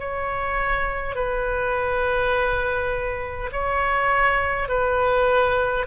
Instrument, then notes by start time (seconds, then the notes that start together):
oboe
0.00 C#5
1.16 B4
3.52 C#5
4.69 B4